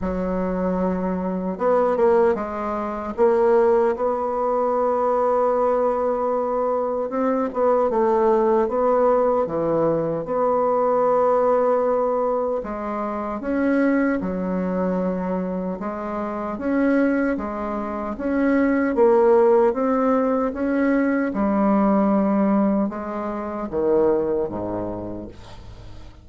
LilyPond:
\new Staff \with { instrumentName = "bassoon" } { \time 4/4 \tempo 4 = 76 fis2 b8 ais8 gis4 | ais4 b2.~ | b4 c'8 b8 a4 b4 | e4 b2. |
gis4 cis'4 fis2 | gis4 cis'4 gis4 cis'4 | ais4 c'4 cis'4 g4~ | g4 gis4 dis4 gis,4 | }